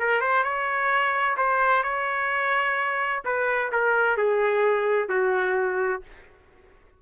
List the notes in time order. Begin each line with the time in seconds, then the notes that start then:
0.00 A#4
0.21 C5
0.44 C#5
1.37 C5
1.84 C#5
3.25 B4
3.73 A#4
4.18 G#4
5.09 F#4